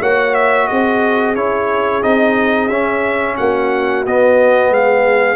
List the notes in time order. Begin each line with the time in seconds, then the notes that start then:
0.00 A#3 F#4 C#5 F#5
0.34 E5
0.67 C4 G#4 D#5
1.35 C#4 E4 C#5
2.02 C4 D#4 D#5
2.68 C#4 E5
3.37 A#3 F#4 F#5
4.06 B3 D#5
4.70 G#3 G#4 F5